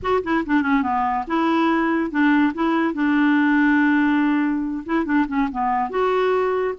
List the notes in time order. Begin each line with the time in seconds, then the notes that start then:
0.02 F#4
0.23 E4
0.45 D4
0.62 C#4
0.82 B3
1.27 E4
2.10 D4
2.54 E4
2.93 D4
4.85 E4
5.05 D4
5.27 C#4
5.51 B3
5.90 F#4